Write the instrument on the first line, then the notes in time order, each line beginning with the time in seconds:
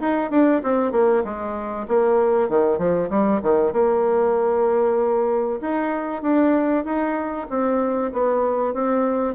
bassoon
0.00 D#4
0.30 D4
0.63 C4
0.92 A#3
1.24 G#3
1.88 A#3
2.49 D#3
2.78 F3
3.09 G3
3.42 D#3
3.72 A#3
5.61 D#4
6.22 D4
6.84 D#4
7.49 C4
8.12 B3
8.73 C4